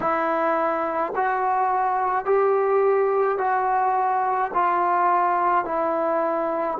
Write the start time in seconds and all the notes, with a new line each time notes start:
0.00 E4
1.15 F#4
2.25 G4
3.38 F#4
4.53 F4
5.64 E4